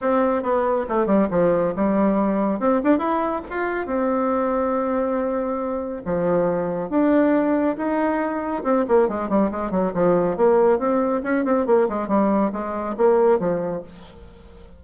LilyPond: \new Staff \with { instrumentName = "bassoon" } { \time 4/4 \tempo 4 = 139 c'4 b4 a8 g8 f4 | g2 c'8 d'8 e'4 | f'4 c'2.~ | c'2 f2 |
d'2 dis'2 | c'8 ais8 gis8 g8 gis8 fis8 f4 | ais4 c'4 cis'8 c'8 ais8 gis8 | g4 gis4 ais4 f4 | }